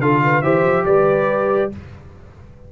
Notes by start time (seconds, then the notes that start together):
0.00 D3 F4 A4 F5
0.25 B4
0.42 E3 G4 C5 E5
0.64 F3
0.86 G3 B4 D5